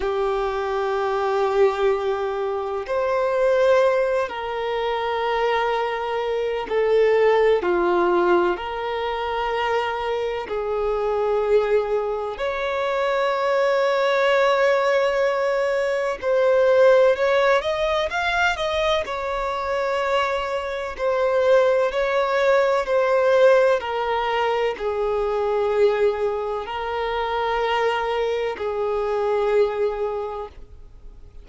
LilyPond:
\new Staff \with { instrumentName = "violin" } { \time 4/4 \tempo 4 = 63 g'2. c''4~ | c''8 ais'2~ ais'8 a'4 | f'4 ais'2 gis'4~ | gis'4 cis''2.~ |
cis''4 c''4 cis''8 dis''8 f''8 dis''8 | cis''2 c''4 cis''4 | c''4 ais'4 gis'2 | ais'2 gis'2 | }